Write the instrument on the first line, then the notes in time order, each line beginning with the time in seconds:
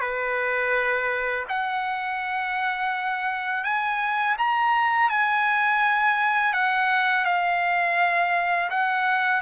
trumpet
0.00 B4
1.49 F#5
3.64 G#5
4.38 A#5
5.09 G#5
6.53 F#5
7.25 F5
8.70 F#5